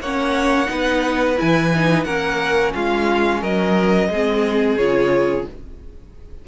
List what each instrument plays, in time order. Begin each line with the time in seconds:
0.00 cello A#3, viola C#4, violin C#5 F#5
0.66 cello B3, viola D#4, violin B4
1.37 cello E3, viola E4, violin G#5
1.76 viola D#4
2.04 cello A#3, viola C#4, violin A#4 F#5
2.75 cello G#3, violin F4 F5
3.41 cello F#3, violin A#4 D#5
4.09 cello G#3, viola C4, violin G#4
4.77 cello C#3, viola F4, violin C#5